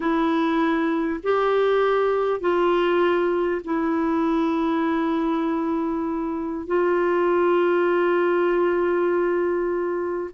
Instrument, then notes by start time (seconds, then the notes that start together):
clarinet
0.00 E4
1.23 G4
2.40 F4
3.64 E4
6.66 F4